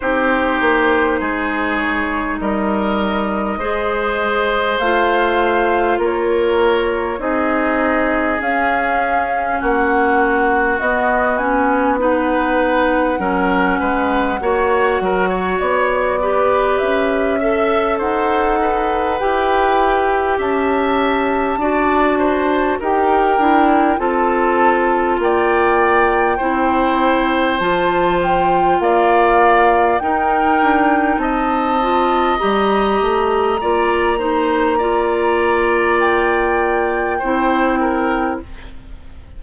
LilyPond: <<
  \new Staff \with { instrumentName = "flute" } { \time 4/4 \tempo 4 = 50 c''4. cis''8 dis''2 | f''4 cis''4 dis''4 f''4 | fis''4 dis''8 gis''8 fis''2~ | fis''4 d''4 e''4 fis''4 |
g''4 a''2 g''4 | a''4 g''2 a''8 g''8 | f''4 g''4 a''4 ais''4~ | ais''2 g''2 | }
  \new Staff \with { instrumentName = "oboe" } { \time 4/4 g'4 gis'4 ais'4 c''4~ | c''4 ais'4 gis'2 | fis'2 b'4 ais'8 b'8 | cis''8 ais'16 cis''8. b'4 e''8 c''8 b'8~ |
b'4 e''4 d''8 c''8 ais'4 | a'4 d''4 c''2 | d''4 ais'4 dis''2 | d''8 c''8 d''2 c''8 ais'8 | }
  \new Staff \with { instrumentName = "clarinet" } { \time 4/4 dis'2. gis'4 | f'2 dis'4 cis'4~ | cis'4 b8 cis'8 dis'4 cis'4 | fis'4. g'4 a'4. |
g'2 fis'4 g'8 e'8 | f'2 e'4 f'4~ | f'4 dis'4. f'8 g'4 | f'8 dis'8 f'2 e'4 | }
  \new Staff \with { instrumentName = "bassoon" } { \time 4/4 c'8 ais8 gis4 g4 gis4 | a4 ais4 c'4 cis'4 | ais4 b2 fis8 gis8 | ais8 fis8 b4 cis'4 dis'4 |
e'4 cis'4 d'4 dis'8 d'8 | c'4 ais4 c'4 f4 | ais4 dis'8 d'8 c'4 g8 a8 | ais2. c'4 | }
>>